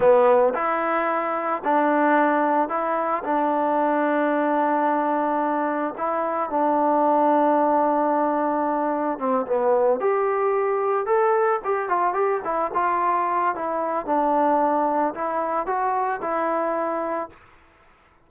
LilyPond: \new Staff \with { instrumentName = "trombone" } { \time 4/4 \tempo 4 = 111 b4 e'2 d'4~ | d'4 e'4 d'2~ | d'2. e'4 | d'1~ |
d'4 c'8 b4 g'4.~ | g'8 a'4 g'8 f'8 g'8 e'8 f'8~ | f'4 e'4 d'2 | e'4 fis'4 e'2 | }